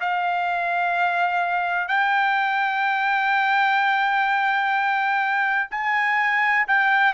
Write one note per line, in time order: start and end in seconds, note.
0.00 1.87 F5
1.87 5.68 G5
5.71 6.66 G#5
6.68 7.13 G5